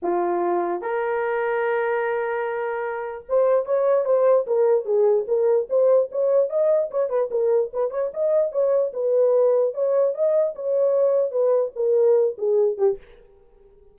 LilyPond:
\new Staff \with { instrumentName = "horn" } { \time 4/4 \tempo 4 = 148 f'2 ais'2~ | ais'1 | c''4 cis''4 c''4 ais'4 | gis'4 ais'4 c''4 cis''4 |
dis''4 cis''8 b'8 ais'4 b'8 cis''8 | dis''4 cis''4 b'2 | cis''4 dis''4 cis''2 | b'4 ais'4. gis'4 g'8 | }